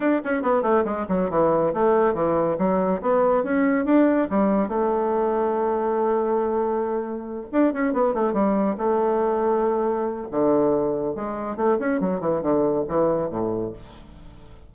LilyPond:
\new Staff \with { instrumentName = "bassoon" } { \time 4/4 \tempo 4 = 140 d'8 cis'8 b8 a8 gis8 fis8 e4 | a4 e4 fis4 b4 | cis'4 d'4 g4 a4~ | a1~ |
a4. d'8 cis'8 b8 a8 g8~ | g8 a2.~ a8 | d2 gis4 a8 cis'8 | fis8 e8 d4 e4 a,4 | }